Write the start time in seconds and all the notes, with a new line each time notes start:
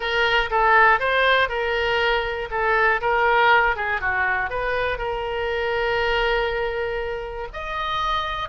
0.00 A#4
0.50 A4
0.99 C5
1.49 A#4
2.50 A4
3.01 A#4
3.75 G#4
4.00 F#4
4.50 B4
4.98 A#4
7.53 D#5